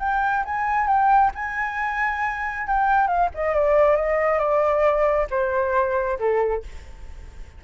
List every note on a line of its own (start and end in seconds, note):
0.00 0.44 G5
0.45 0.87 G#5
0.87 1.31 G5
1.35 2.67 G#5
2.68 3.07 G5
3.07 3.29 F5
3.34 3.55 D#5
3.55 3.96 D5
3.96 4.39 D#5
4.39 5.27 D5
5.30 6.19 C5
6.19 6.64 A4